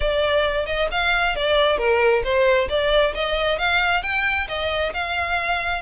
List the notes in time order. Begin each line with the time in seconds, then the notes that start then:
0.00 D5
0.66 D#5
0.91 F5
1.35 D5
1.78 A#4
2.23 C5
2.69 D5
3.14 D#5
3.58 F5
4.03 G5
4.48 D#5
4.93 F5